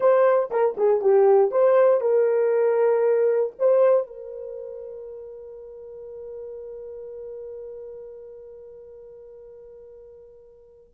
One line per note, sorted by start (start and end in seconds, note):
0.00 0.49 C5
0.50 0.75 A#4
0.77 1.01 G#4
1.01 1.51 G4
1.51 2.00 C5
2.00 3.53 A#4
3.58 4.06 C5
4.06 10.93 A#4